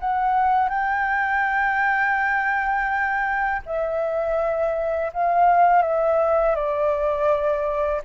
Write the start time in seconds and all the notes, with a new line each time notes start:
0.00 F#5
0.69 G5
3.66 E5
5.13 F5
5.82 E5
6.56 D5